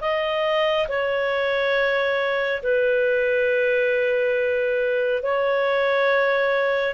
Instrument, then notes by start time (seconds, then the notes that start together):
clarinet
0.00 D#5
0.88 C#5
2.62 B4
5.22 C#5